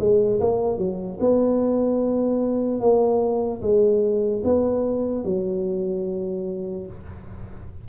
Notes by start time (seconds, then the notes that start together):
0.00 G#3
0.41 A#3
0.79 F#3
1.21 B3
2.80 A#3
3.62 G#3
4.44 B3
5.25 F#3